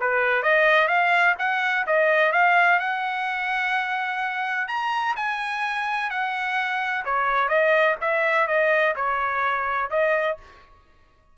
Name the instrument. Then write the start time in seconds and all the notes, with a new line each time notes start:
trumpet
0.00 B4
0.42 D#5
0.88 F5
1.39 F#5
1.86 D#5
2.32 F5
2.79 F#5
4.68 A#5
5.16 G#5
6.10 F#5
7.05 C#5
7.48 D#5
8.01 E5
8.47 D#5
8.96 C#5
9.90 D#5